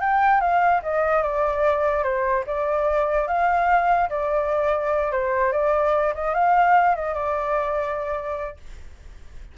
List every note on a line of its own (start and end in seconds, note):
0.00 0.40 G5
0.40 0.81 F5
0.82 1.22 D#5
1.22 2.03 D5
2.03 2.44 C5
2.46 3.27 D5
3.27 4.09 F5
4.09 5.11 D5
5.11 5.52 C5
5.52 6.13 D5
6.14 6.34 D#5
6.34 6.95 F5
6.95 7.14 D#5
7.14 8.57 D5